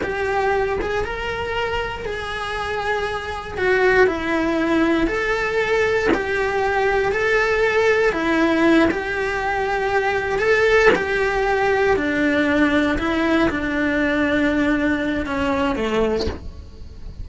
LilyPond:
\new Staff \with { instrumentName = "cello" } { \time 4/4 \tempo 4 = 118 g'4. gis'8 ais'2 | gis'2. fis'4 | e'2 a'2 | g'2 a'2 |
e'4. g'2~ g'8~ | g'8 a'4 g'2 d'8~ | d'4. e'4 d'4.~ | d'2 cis'4 a4 | }